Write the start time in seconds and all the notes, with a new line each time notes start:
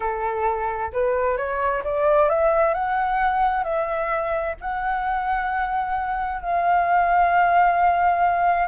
0.00 A4
0.92 B4
1.37 C#5
1.84 D5
2.29 E5
2.74 F#5
3.63 E5
4.60 F#5
6.41 F5